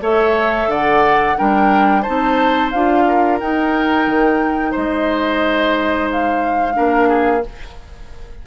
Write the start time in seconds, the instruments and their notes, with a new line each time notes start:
0.00 bassoon A3, clarinet A4, oboe C#5, flute E5
0.67 bassoon D3, oboe D5, flute F#5
1.36 bassoon G3, clarinet D4, oboe A#4, flute G5
2.02 bassoon C4, clarinet D#4, oboe C5, flute A5
2.71 bassoon D4, clarinet F4, flute F5
3.08 oboe A#4
3.40 bassoon D#4, clarinet D#4, flute G5
4.06 bassoon D#3
4.71 bassoon G#3, oboe C5, flute D#5
6.11 flute F5
6.73 bassoon A#3, clarinet D4, oboe A#4
7.08 oboe G#4